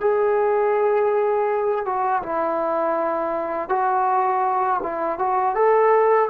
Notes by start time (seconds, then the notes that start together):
0.00 G#4
1.85 F#4
2.22 E4
3.69 F#4
4.82 E4
5.18 F#4
5.55 A4